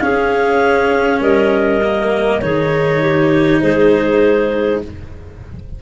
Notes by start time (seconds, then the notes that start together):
0.00 C#4 G#4 F5
1.20 G3 A#4 D#5
1.82 A#3
2.41 D#3 D#4 G#4 C#5
3.01 G4
3.61 G#3 G#4 C5